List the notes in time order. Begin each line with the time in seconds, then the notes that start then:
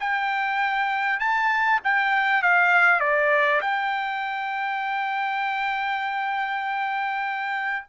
0.00 G5
1.19 A5
1.84 G5
2.42 F5
3.00 D5
3.61 G5